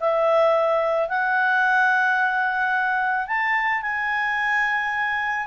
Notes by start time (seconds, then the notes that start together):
0.00 E5
1.09 F#5
3.27 A5
3.82 G#5